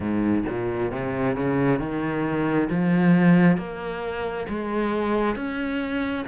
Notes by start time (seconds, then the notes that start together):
0.00 G#2
0.48 A#2
0.91 C3
1.36 C#3
1.79 D#3
2.69 F3
3.57 A#3
4.48 G#3
5.35 C#4